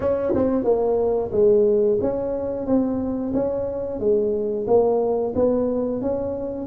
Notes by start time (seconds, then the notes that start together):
0.00 C#4
0.34 C4
0.64 A#3
1.32 G#3
2.01 C#4
2.66 C4
3.33 C#4
3.99 G#3
4.67 A#3
5.35 B3
6.01 C#4